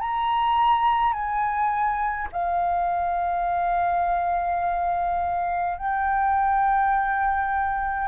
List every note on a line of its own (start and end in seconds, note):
0.00 1.13 A#5
1.13 2.28 G#5
2.32 5.77 F5
5.77 8.08 G5